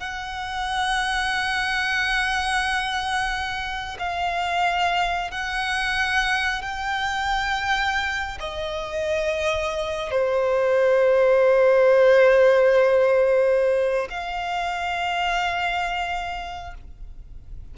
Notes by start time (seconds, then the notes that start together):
0.00 F#5
3.99 F5
5.31 F#5
6.62 G5
8.39 D#5
10.11 C5
14.10 F5